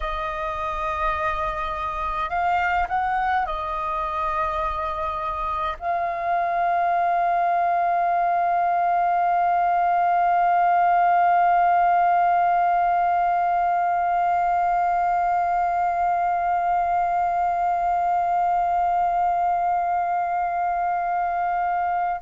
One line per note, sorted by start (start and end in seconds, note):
0.00 2.29 D#5
2.29 2.87 F5
2.88 3.46 F#5
3.46 5.76 D#5
5.78 22.21 F5